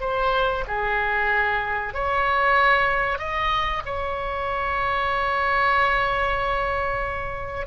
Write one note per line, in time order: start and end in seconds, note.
0.00 0.64 C5
0.67 1.94 G#4
1.94 3.19 C#5
3.19 3.82 D#5
3.85 7.67 C#5